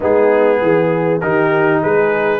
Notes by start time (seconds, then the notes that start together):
0.00 G#3 B3 D#4 G#4
0.61 E3 G#4
1.20 D#3 D#4 G4 A#4
1.81 G#3 G#4 B4